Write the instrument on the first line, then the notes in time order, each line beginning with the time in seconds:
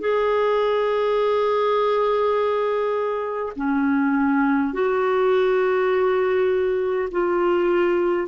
clarinet
0.00 G#4
3.56 C#4
4.74 F#4
7.12 F4